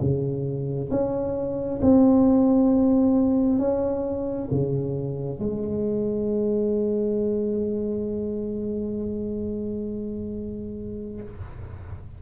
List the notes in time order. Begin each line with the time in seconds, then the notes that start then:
0.00 C#3
0.90 C#4
1.82 C4
3.59 C#4
4.51 C#3
5.39 G#3